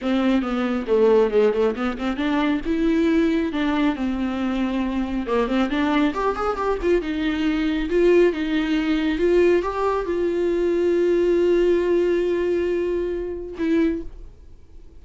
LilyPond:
\new Staff \with { instrumentName = "viola" } { \time 4/4 \tempo 4 = 137 c'4 b4 a4 gis8 a8 | b8 c'8 d'4 e'2 | d'4 c'2. | ais8 c'8 d'4 g'8 gis'8 g'8 f'8 |
dis'2 f'4 dis'4~ | dis'4 f'4 g'4 f'4~ | f'1~ | f'2. e'4 | }